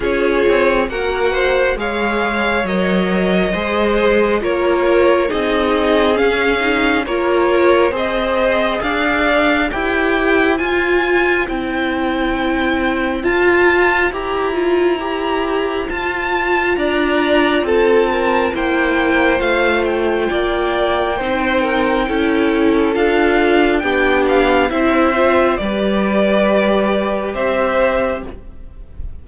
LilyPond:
<<
  \new Staff \with { instrumentName = "violin" } { \time 4/4 \tempo 4 = 68 cis''4 fis''4 f''4 dis''4~ | dis''4 cis''4 dis''4 f''4 | cis''4 dis''4 f''4 g''4 | gis''4 g''2 a''4 |
ais''2 a''4 ais''4 | a''4 g''4 f''8 g''4.~ | g''2 f''4 g''8 f''8 | e''4 d''2 e''4 | }
  \new Staff \with { instrumentName = "violin" } { \time 4/4 gis'4 ais'8 c''8 cis''2 | c''4 ais'4 gis'2 | ais'4 c''4 d''4 c''4~ | c''1~ |
c''2. d''4 | a'8 ais'8 c''2 d''4 | c''8 ais'8 a'2 g'4 | c''4 b'2 c''4 | }
  \new Staff \with { instrumentName = "viola" } { \time 4/4 f'4 fis'4 gis'4 ais'4 | gis'4 f'4 dis'4 cis'8 dis'8 | f'4 gis'2 g'4 | f'4 e'2 f'4 |
g'8 f'8 g'4 f'2~ | f'4 e'4 f'2 | dis'4 e'4 f'4 d'4 | e'8 f'8 g'2. | }
  \new Staff \with { instrumentName = "cello" } { \time 4/4 cis'8 c'8 ais4 gis4 fis4 | gis4 ais4 c'4 cis'4 | ais4 c'4 d'4 e'4 | f'4 c'2 f'4 |
e'2 f'4 d'4 | c'4 ais4 a4 ais4 | c'4 cis'4 d'4 b4 | c'4 g2 c'4 | }
>>